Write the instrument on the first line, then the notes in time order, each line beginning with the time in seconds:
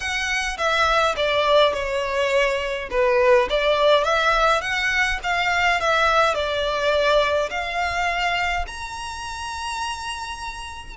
violin
0.00 F#5
0.57 E5
1.16 D5
1.73 C#5
2.90 B4
3.49 D5
4.04 E5
4.61 F#5
5.23 F5
5.80 E5
6.34 D5
7.50 F5
8.67 A#5